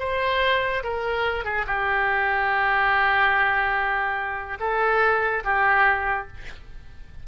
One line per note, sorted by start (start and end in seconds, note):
0.00 0.83 C5
0.84 1.45 A#4
1.45 1.66 G#4
1.67 4.59 G4
4.60 5.44 A4
5.45 6.28 G4